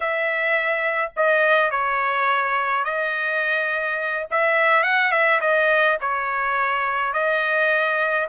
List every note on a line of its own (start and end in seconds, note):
0.00 1.12 E5
1.16 1.71 D#5
1.71 2.84 C#5
2.84 4.27 D#5
4.30 4.83 E5
4.83 5.11 F#5
5.11 5.40 E5
5.41 5.98 D#5
6.00 7.13 C#5
7.13 8.27 D#5